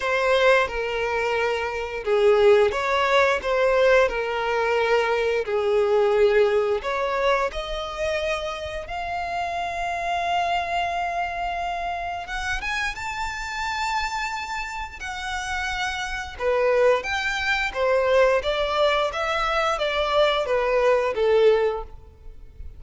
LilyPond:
\new Staff \with { instrumentName = "violin" } { \time 4/4 \tempo 4 = 88 c''4 ais'2 gis'4 | cis''4 c''4 ais'2 | gis'2 cis''4 dis''4~ | dis''4 f''2.~ |
f''2 fis''8 gis''8 a''4~ | a''2 fis''2 | b'4 g''4 c''4 d''4 | e''4 d''4 b'4 a'4 | }